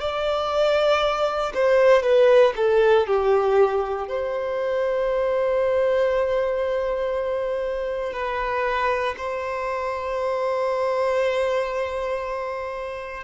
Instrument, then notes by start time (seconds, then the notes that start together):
violin
0.00 D5
1.54 C5
2.02 B4
2.57 A4
3.07 G4
4.09 C5
8.13 B4
9.17 C5